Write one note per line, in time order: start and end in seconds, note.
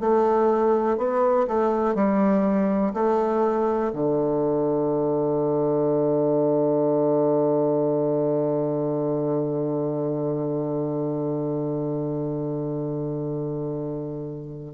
0.00 0.98 A3
0.98 1.47 B3
1.48 1.95 A3
1.95 2.94 G3
2.94 3.93 A3
3.93 14.75 D3